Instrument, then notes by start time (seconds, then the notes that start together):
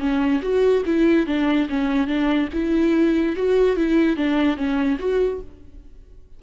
viola
0.00 C#4
0.42 F#4
0.86 E4
1.27 D4
1.69 C#4
2.08 D4
2.54 E4
3.36 F#4
3.77 E4
4.17 D4
4.57 C#4
4.99 F#4